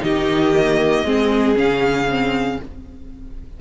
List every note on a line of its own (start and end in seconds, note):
0.00 1.04 D#3
0.00 0.51 D#4
0.00 1.06 G4
0.00 1.58 D#5
0.53 1.04 A#3
1.04 1.56 G#3
1.04 1.55 C4
1.04 2.60 G#4
1.55 2.59 C#3
1.55 2.07 C#4
1.55 2.61 F5
2.10 2.61 C4